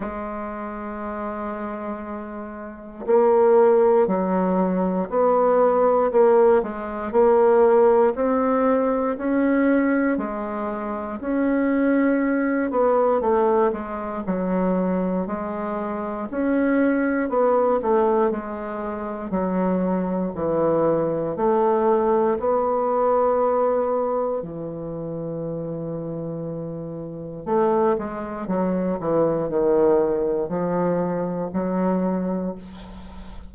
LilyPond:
\new Staff \with { instrumentName = "bassoon" } { \time 4/4 \tempo 4 = 59 gis2. ais4 | fis4 b4 ais8 gis8 ais4 | c'4 cis'4 gis4 cis'4~ | cis'8 b8 a8 gis8 fis4 gis4 |
cis'4 b8 a8 gis4 fis4 | e4 a4 b2 | e2. a8 gis8 | fis8 e8 dis4 f4 fis4 | }